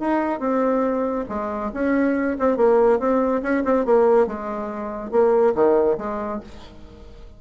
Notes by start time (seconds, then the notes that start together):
0.00 D#4
0.40 C4
1.29 G#3
1.74 C#4
2.39 C4
2.57 A#3
2.99 C4
3.43 C#4
3.65 C4
3.85 A#3
4.27 G#3
5.11 A#3
5.55 D#3
5.98 G#3